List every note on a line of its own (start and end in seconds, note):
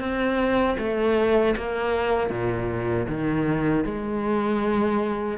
0.00 0.77 C4
0.78 1.55 A3
1.57 2.30 A#3
2.30 3.07 A#2
3.08 3.85 D#3
3.85 5.38 G#3